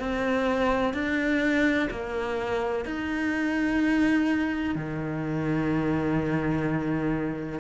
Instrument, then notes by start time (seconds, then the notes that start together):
cello
0.00 C4
0.94 D4
1.91 A#3
2.86 D#4
4.76 D#3